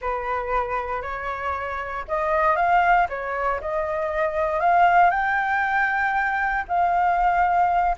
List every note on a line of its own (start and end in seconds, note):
0.01 1.02 B4
1.02 2.04 C#5
2.08 2.56 D#5
2.56 3.07 F5
3.09 3.60 C#5
3.60 4.59 D#5
4.59 5.10 F5
5.10 6.64 G5
6.68 7.96 F5